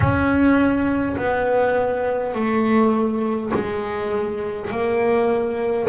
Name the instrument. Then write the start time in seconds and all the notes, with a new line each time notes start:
double bass
0.00 C#4
1.17 B3
2.34 A3
3.53 G#3
4.71 A#3